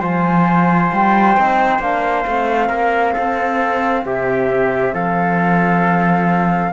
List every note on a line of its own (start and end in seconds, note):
0.00 0.91 F3
0.00 1.36 F4
0.00 2.68 C5
0.00 0.93 G#5
0.93 1.37 G3
0.93 1.82 G5
1.37 1.79 C4
1.37 1.82 D#4
1.79 2.24 A#3
1.79 2.26 D4
1.79 4.06 F5
2.26 2.70 A3
2.26 6.73 C4
2.68 3.14 A#3
2.68 3.13 A#4
3.14 4.06 C4
3.14 4.03 A4
4.06 4.94 C3
4.06 4.94 G4
4.06 4.94 E5
4.94 6.73 F3
4.94 6.73 A4
4.94 6.73 F5